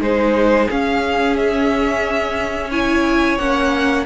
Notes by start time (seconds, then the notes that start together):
0.00 G#3 D#4 G#4 C5
0.70 C#4 F5
1.36 E5
2.70 E4 C#5 G#5
3.37 A#3 C#4 F#5